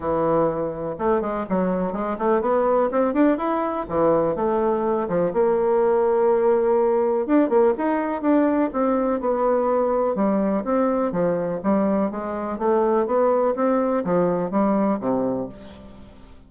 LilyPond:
\new Staff \with { instrumentName = "bassoon" } { \time 4/4 \tempo 4 = 124 e2 a8 gis8 fis4 | gis8 a8 b4 c'8 d'8 e'4 | e4 a4. f8 ais4~ | ais2. d'8 ais8 |
dis'4 d'4 c'4 b4~ | b4 g4 c'4 f4 | g4 gis4 a4 b4 | c'4 f4 g4 c4 | }